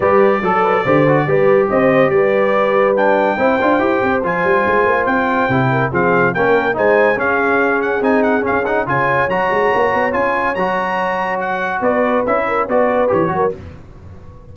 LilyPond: <<
  \new Staff \with { instrumentName = "trumpet" } { \time 4/4 \tempo 4 = 142 d''1 | dis''4 d''2 g''4~ | g''2 gis''2 | g''2 f''4 g''4 |
gis''4 f''4. fis''8 gis''8 fis''8 | f''8 fis''8 gis''4 ais''2 | gis''4 ais''2 fis''4 | d''4 e''4 d''4 cis''4 | }
  \new Staff \with { instrumentName = "horn" } { \time 4/4 b'4 a'8 b'8 c''4 b'4 | c''4 b'2. | c''1~ | c''4. ais'8 gis'4 ais'4 |
c''4 gis'2.~ | gis'4 cis''2.~ | cis''1 | b'4. ais'8 b'4. ais'8 | }
  \new Staff \with { instrumentName = "trombone" } { \time 4/4 g'4 a'4 g'8 fis'8 g'4~ | g'2. d'4 | e'8 f'8 g'4 f'2~ | f'4 e'4 c'4 cis'4 |
dis'4 cis'2 dis'4 | cis'8 dis'8 f'4 fis'2 | f'4 fis'2.~ | fis'4 e'4 fis'4 g'8 fis'8 | }
  \new Staff \with { instrumentName = "tuba" } { \time 4/4 g4 fis4 d4 g4 | c'4 g2. | c'8 d'8 e'8 c'8 f8 g8 gis8 ais8 | c'4 c4 f4 ais4 |
gis4 cis'2 c'4 | cis'4 cis4 fis8 gis8 ais8 b8 | cis'4 fis2. | b4 cis'4 b4 e8 fis8 | }
>>